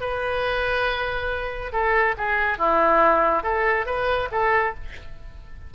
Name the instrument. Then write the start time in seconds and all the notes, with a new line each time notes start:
oboe
0.00 B4
1.72 A4
2.17 G#4
2.58 E4
3.43 A4
3.86 B4
4.31 A4